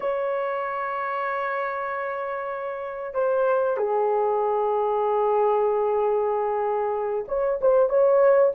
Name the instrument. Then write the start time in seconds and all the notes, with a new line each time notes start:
horn
0.00 C#5
3.13 C5
3.77 G#4
7.28 C#5
7.61 C5
7.89 C#5